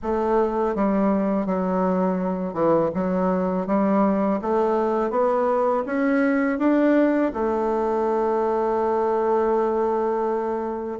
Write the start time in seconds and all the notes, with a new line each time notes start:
0.02 A3
0.75 G3
1.46 F#3
2.53 E3
2.94 F#3
3.67 G3
4.41 A3
5.10 B3
5.85 C#4
6.59 D4
7.33 A3